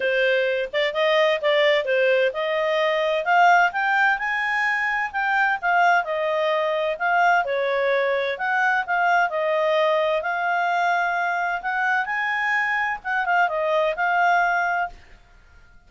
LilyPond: \new Staff \with { instrumentName = "clarinet" } { \time 4/4 \tempo 4 = 129 c''4. d''8 dis''4 d''4 | c''4 dis''2 f''4 | g''4 gis''2 g''4 | f''4 dis''2 f''4 |
cis''2 fis''4 f''4 | dis''2 f''2~ | f''4 fis''4 gis''2 | fis''8 f''8 dis''4 f''2 | }